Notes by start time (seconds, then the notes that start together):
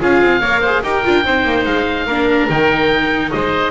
0.00 C#4 F4 G#4 F5
0.21 C4
0.40 A#3 A#4 C#5
0.61 G#4 C5
0.83 D#4 G4 A#4 G5
1.03 D4 F4
1.24 C4 D#4 C5
1.44 A#3
1.65 G#3 F5
2.06 A#3 D4 A#4
2.49 D#3 D#4 G5
3.31 G#3 C5 D#5